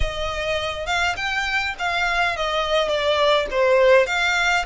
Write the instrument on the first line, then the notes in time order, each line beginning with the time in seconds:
violin
0.00 D#5
0.86 F5
1.16 G5
1.78 F5
2.36 D#5
2.88 D5
3.50 C5
4.06 F5